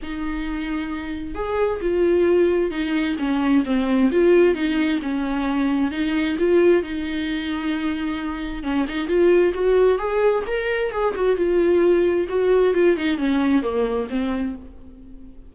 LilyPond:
\new Staff \with { instrumentName = "viola" } { \time 4/4 \tempo 4 = 132 dis'2. gis'4 | f'2 dis'4 cis'4 | c'4 f'4 dis'4 cis'4~ | cis'4 dis'4 f'4 dis'4~ |
dis'2. cis'8 dis'8 | f'4 fis'4 gis'4 ais'4 | gis'8 fis'8 f'2 fis'4 | f'8 dis'8 cis'4 ais4 c'4 | }